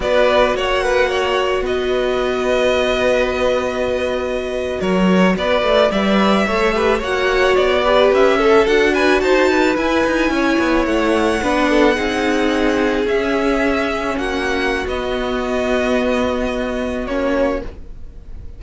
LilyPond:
<<
  \new Staff \with { instrumentName = "violin" } { \time 4/4 \tempo 4 = 109 d''4 fis''2 dis''4~ | dis''1~ | dis''8. cis''4 d''4 e''4~ e''16~ | e''8. fis''4 d''4 e''4 fis''16~ |
fis''16 gis''8 a''4 gis''2 fis''16~ | fis''2.~ fis''8. e''16~ | e''4.~ e''16 fis''4~ fis''16 dis''4~ | dis''2. cis''4 | }
  \new Staff \with { instrumentName = "violin" } { \time 4/4 b'4 cis''8 b'8 cis''4 b'4~ | b'1~ | b'8. ais'4 b'4 d''4 cis''16~ | cis''16 b'8 cis''4. b'4 a'8.~ |
a'16 b'8 c''8 b'4. cis''4~ cis''16~ | cis''8. b'8 a'8 gis'2~ gis'16~ | gis'4.~ gis'16 fis'2~ fis'16~ | fis'1 | }
  \new Staff \with { instrumentName = "viola" } { \time 4/4 fis'1~ | fis'1~ | fis'2~ fis'8. b'4 a'16~ | a'16 g'8 fis'4. g'4 a'8 fis'16~ |
fis'4.~ fis'16 e'2~ e'16~ | e'8. d'4 dis'2 cis'16~ | cis'2. b4~ | b2. cis'4 | }
  \new Staff \with { instrumentName = "cello" } { \time 4/4 b4 ais2 b4~ | b1~ | b8. fis4 b8 a8 g4 a16~ | a8. ais4 b4 cis'4 d'16~ |
d'8. dis'4 e'8 dis'8 cis'8 b8 a16~ | a8. b4 c'2 cis'16~ | cis'4.~ cis'16 ais4~ ais16 b4~ | b2. ais4 | }
>>